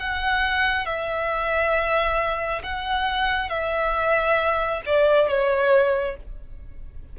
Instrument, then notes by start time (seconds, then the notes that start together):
violin
0.00 F#5
0.86 E5
2.63 F#5
3.50 E5
4.86 D5
5.29 C#5